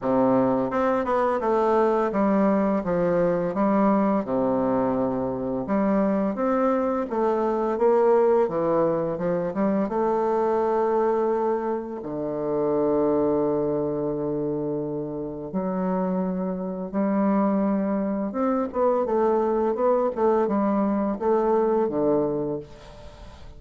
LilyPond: \new Staff \with { instrumentName = "bassoon" } { \time 4/4 \tempo 4 = 85 c4 c'8 b8 a4 g4 | f4 g4 c2 | g4 c'4 a4 ais4 | e4 f8 g8 a2~ |
a4 d2.~ | d2 fis2 | g2 c'8 b8 a4 | b8 a8 g4 a4 d4 | }